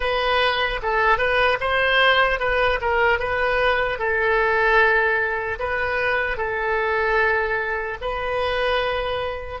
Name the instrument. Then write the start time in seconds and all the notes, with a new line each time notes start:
oboe
0.00 B4
0.82 A4
1.17 B4
1.60 C5
2.39 B4
2.81 A#4
3.19 B4
3.98 A4
5.59 B4
6.37 A4
8.01 B4